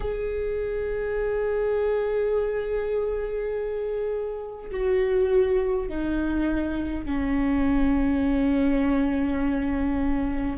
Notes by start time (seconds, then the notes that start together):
0.00 G#4
4.71 F#4
5.88 D#4
7.05 C#4